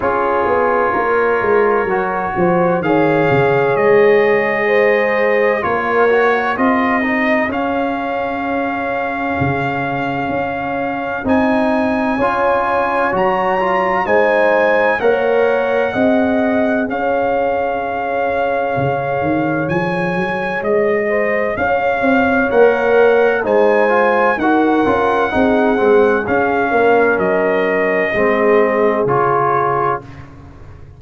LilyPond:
<<
  \new Staff \with { instrumentName = "trumpet" } { \time 4/4 \tempo 4 = 64 cis''2. f''4 | dis''2 cis''4 dis''4 | f''1 | gis''2 ais''4 gis''4 |
fis''2 f''2~ | f''4 gis''4 dis''4 f''4 | fis''4 gis''4 fis''2 | f''4 dis''2 cis''4 | }
  \new Staff \with { instrumentName = "horn" } { \time 4/4 gis'4 ais'4. c''8 cis''4~ | cis''4 c''4 ais'4 gis'4~ | gis'1~ | gis'4 cis''2 c''4 |
cis''4 dis''4 cis''2~ | cis''2~ cis''8 c''8 cis''4~ | cis''4 c''4 ais'4 gis'4~ | gis'8 ais'4. gis'2 | }
  \new Staff \with { instrumentName = "trombone" } { \time 4/4 f'2 fis'4 gis'4~ | gis'2 f'8 fis'8 f'8 dis'8 | cis'1 | dis'4 f'4 fis'8 f'8 dis'4 |
ais'4 gis'2.~ | gis'1 | ais'4 dis'8 f'8 fis'8 f'8 dis'8 c'8 | cis'2 c'4 f'4 | }
  \new Staff \with { instrumentName = "tuba" } { \time 4/4 cis'8 b8 ais8 gis8 fis8 f8 dis8 cis8 | gis2 ais4 c'4 | cis'2 cis4 cis'4 | c'4 cis'4 fis4 gis4 |
ais4 c'4 cis'2 | cis8 dis8 f8 fis8 gis4 cis'8 c'8 | ais4 gis4 dis'8 cis'8 c'8 gis8 | cis'8 ais8 fis4 gis4 cis4 | }
>>